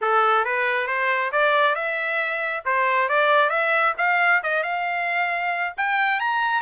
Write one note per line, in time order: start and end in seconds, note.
0.01 0.44 A4
0.44 0.87 B4
0.87 1.31 C5
1.32 1.75 D5
1.75 2.63 E5
2.65 3.08 C5
3.08 3.49 D5
3.49 3.93 E5
3.97 4.41 F5
4.43 4.63 D#5
4.63 5.73 F5
5.77 6.20 G5
6.20 6.61 A#5